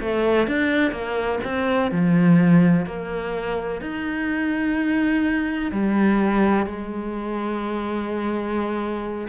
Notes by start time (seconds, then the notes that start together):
0.00 A3
0.47 D4
0.91 A#3
1.44 C4
1.91 F3
2.86 A#3
3.81 D#4
5.71 G3
6.66 G#3